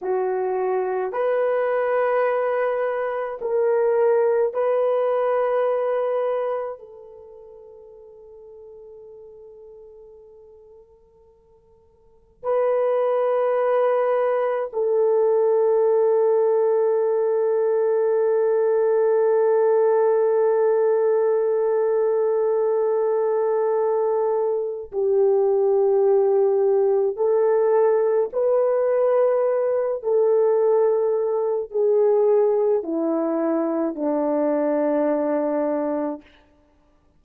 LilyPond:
\new Staff \with { instrumentName = "horn" } { \time 4/4 \tempo 4 = 53 fis'4 b'2 ais'4 | b'2 a'2~ | a'2. b'4~ | b'4 a'2.~ |
a'1~ | a'2 g'2 | a'4 b'4. a'4. | gis'4 e'4 d'2 | }